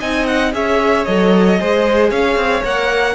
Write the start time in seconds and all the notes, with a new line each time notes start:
0.00 C4 D#4 D#5 G#5
0.27 F#5
0.53 C#4 G#4 C#5 E5
1.05 F#3 A4 D#5
1.59 G#3 G#4 C5
2.11 C#4 C#5 F5
2.36 C4
2.63 A#3 A#4 F#5